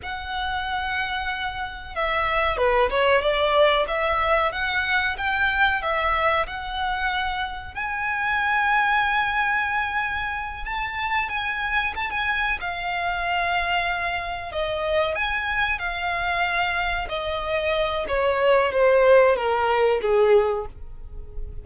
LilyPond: \new Staff \with { instrumentName = "violin" } { \time 4/4 \tempo 4 = 93 fis''2. e''4 | b'8 cis''8 d''4 e''4 fis''4 | g''4 e''4 fis''2 | gis''1~ |
gis''8 a''4 gis''4 a''16 gis''8. f''8~ | f''2~ f''8 dis''4 gis''8~ | gis''8 f''2 dis''4. | cis''4 c''4 ais'4 gis'4 | }